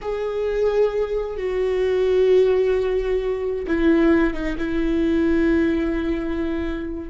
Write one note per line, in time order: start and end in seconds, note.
0.01 1.36 G#4
1.36 3.65 F#4
3.67 4.33 E4
4.33 4.56 D#4
4.58 7.09 E4